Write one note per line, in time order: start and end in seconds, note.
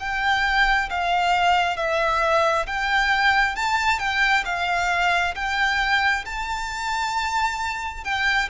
0.00 0.90 G5
0.90 1.77 F5
1.77 2.66 E5
2.67 3.56 G5
3.56 3.99 A5
3.99 4.44 G5
4.45 5.34 F5
5.35 6.24 G5
6.25 8.04 A5
8.04 8.49 G5